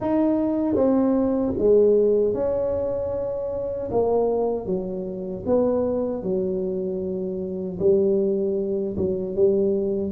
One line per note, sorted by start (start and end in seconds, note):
0.00 0.75 D#4
0.75 1.53 C4
1.58 2.34 G#3
2.34 3.90 C#4
3.91 4.65 A#3
4.65 5.44 F#3
5.45 6.22 B3
6.22 7.78 F#3
7.79 8.96 G3
8.96 9.35 F#3
9.35 10.12 G3